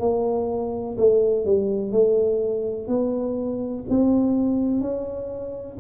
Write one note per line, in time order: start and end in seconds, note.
0.00 0.97 A#3
0.98 1.46 A3
1.46 1.92 G3
1.92 2.88 A3
2.88 3.84 B3
3.89 4.81 C4
4.81 5.78 C#4